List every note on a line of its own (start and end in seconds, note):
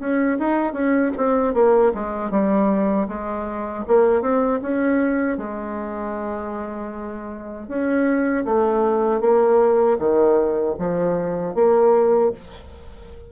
0.00 0.38 C#4
0.40 0.73 D#4
0.73 1.12 C#4
1.17 1.55 C4
1.55 1.93 A#3
1.95 2.31 G#3
2.31 3.08 G3
3.08 3.85 G#3
3.88 4.22 A#3
4.22 4.60 C4
4.62 5.38 C#4
5.38 7.68 G#3
7.68 8.45 C#4
8.45 9.21 A3
9.21 9.98 A#3
9.99 10.76 D#3
10.79 11.55 F3
11.55 12.32 A#3